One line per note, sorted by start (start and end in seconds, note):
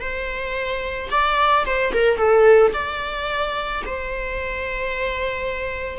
0.00 1.09 C5
1.11 1.65 D5
1.66 1.93 C5
1.93 2.17 A#4
2.17 2.72 A4
2.73 3.82 D5
3.86 5.99 C5